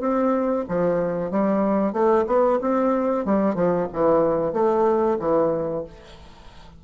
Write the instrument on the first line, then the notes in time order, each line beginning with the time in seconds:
bassoon
0.00 C4
0.68 F3
1.31 G3
1.92 A3
2.27 B3
2.61 C4
3.25 G3
3.55 F3
3.93 E3
4.53 A3
5.19 E3